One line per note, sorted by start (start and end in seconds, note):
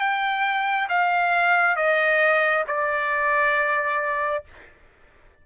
0.00 0.88 G5
0.89 1.76 F5
1.76 2.65 D#5
2.68 4.44 D5